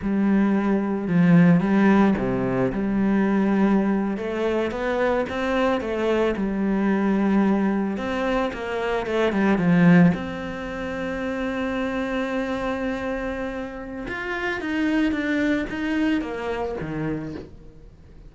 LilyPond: \new Staff \with { instrumentName = "cello" } { \time 4/4 \tempo 4 = 111 g2 f4 g4 | c4 g2~ g8. a16~ | a8. b4 c'4 a4 g16~ | g2~ g8. c'4 ais16~ |
ais8. a8 g8 f4 c'4~ c'16~ | c'1~ | c'2 f'4 dis'4 | d'4 dis'4 ais4 dis4 | }